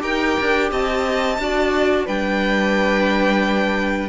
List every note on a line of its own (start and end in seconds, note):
0.00 0.37 D#4
0.00 1.36 G4
0.00 0.71 A#4
0.00 0.70 G5
0.41 0.71 D4
0.71 1.39 C4
0.71 1.40 D#5
0.71 2.07 A5
1.39 2.07 D4
1.39 2.08 F#4
1.39 2.06 D5
2.06 4.09 G3
2.06 4.09 D4
2.06 4.09 B4
2.06 4.09 G5